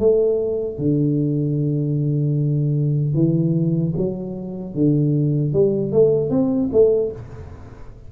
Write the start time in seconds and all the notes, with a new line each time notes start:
0.00 A3
0.79 D3
3.15 E3
3.98 F#3
4.75 D3
5.54 G3
5.92 A3
6.31 C4
6.73 A3